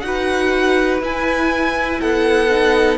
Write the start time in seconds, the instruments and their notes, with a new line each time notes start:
0.00 cello D#4, viola F#4, violin F#5
0.06 violin B4
1.00 cello E4, viola E4, violin G#5
1.99 cello B3, violin A4 F#5
2.49 viola D#4